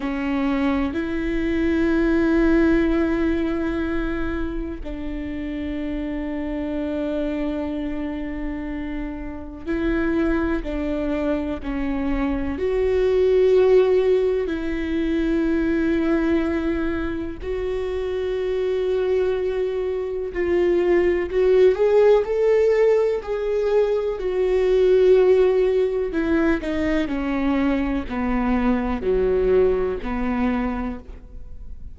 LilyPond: \new Staff \with { instrumentName = "viola" } { \time 4/4 \tempo 4 = 62 cis'4 e'2.~ | e'4 d'2.~ | d'2 e'4 d'4 | cis'4 fis'2 e'4~ |
e'2 fis'2~ | fis'4 f'4 fis'8 gis'8 a'4 | gis'4 fis'2 e'8 dis'8 | cis'4 b4 fis4 b4 | }